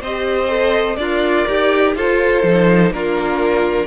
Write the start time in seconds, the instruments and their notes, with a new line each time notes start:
0.00 cello C4, viola G4, violin C5 D#5
0.49 viola A4
0.96 cello D4, violin F4 D5, viola A#4
1.48 cello D#4, violin G4
1.95 cello F4, viola F4, violin A4 C5
2.43 cello F3, viola D#4
2.91 cello A#3, viola D4, violin F4 A#4